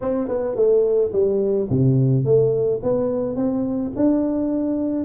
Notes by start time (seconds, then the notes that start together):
0.01 C4
0.28 B3
0.55 A3
1.12 G3
1.69 C3
2.24 A3
2.82 B3
3.36 C4
3.96 D4